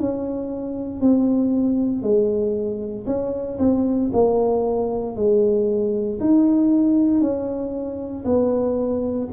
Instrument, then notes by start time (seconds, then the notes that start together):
tuba
0.00 C#4
1.02 C4
2.03 G#3
3.07 C#4
3.59 C4
4.13 A#3
5.16 G#3
6.21 D#4
7.21 C#4
8.25 B3